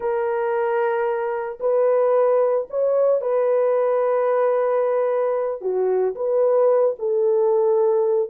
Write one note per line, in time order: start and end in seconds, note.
0.00 1.58 A#4
1.59 2.67 B4
2.70 3.21 C#5
3.21 5.61 B4
5.61 6.15 F#4
6.15 6.95 B4
6.98 8.29 A4